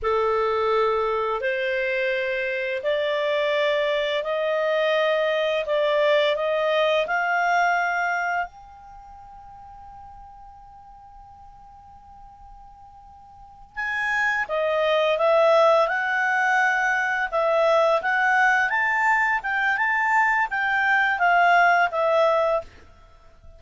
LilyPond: \new Staff \with { instrumentName = "clarinet" } { \time 4/4 \tempo 4 = 85 a'2 c''2 | d''2 dis''2 | d''4 dis''4 f''2 | g''1~ |
g''2.~ g''8 gis''8~ | gis''8 dis''4 e''4 fis''4.~ | fis''8 e''4 fis''4 a''4 g''8 | a''4 g''4 f''4 e''4 | }